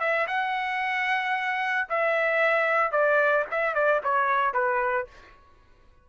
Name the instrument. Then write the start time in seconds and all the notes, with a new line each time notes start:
trumpet
0.00 E5
0.27 F#5
1.90 E5
2.92 D5
3.51 E5
3.75 D5
4.04 C#5
4.54 B4